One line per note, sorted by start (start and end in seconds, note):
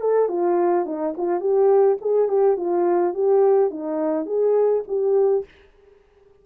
0.00 0.28 A4
0.28 0.85 F4
0.85 1.14 D#4
1.17 1.40 F4
1.40 1.97 G4
2.01 2.28 G#4
2.28 2.56 G4
2.56 3.14 F4
3.14 3.70 G4
3.70 4.25 D#4
4.25 4.83 G#4
4.87 5.44 G4